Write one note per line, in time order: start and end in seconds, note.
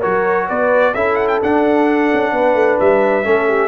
0.00 0.50 F#3
0.00 0.94 F#4
0.00 0.46 A#4
0.00 0.48 C#5
0.48 0.94 B3
0.48 0.94 B4
0.48 0.94 D5
0.94 1.40 C#4
0.94 1.42 E4
0.94 2.33 A4
0.94 1.15 E5
1.15 1.27 F#5
1.28 1.39 G5
1.42 2.11 D4
1.42 3.24 D4
1.42 2.79 F#5
2.13 2.32 C#4
2.32 2.54 B3
2.32 3.25 B4
2.54 2.77 A3
2.79 3.25 G3
2.79 3.68 E5
3.24 3.68 A3
3.24 3.68 C#4
3.24 3.48 A4
3.48 3.68 G4